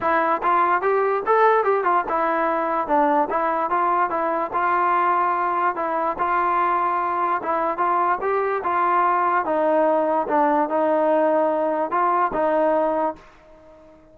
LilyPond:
\new Staff \with { instrumentName = "trombone" } { \time 4/4 \tempo 4 = 146 e'4 f'4 g'4 a'4 | g'8 f'8 e'2 d'4 | e'4 f'4 e'4 f'4~ | f'2 e'4 f'4~ |
f'2 e'4 f'4 | g'4 f'2 dis'4~ | dis'4 d'4 dis'2~ | dis'4 f'4 dis'2 | }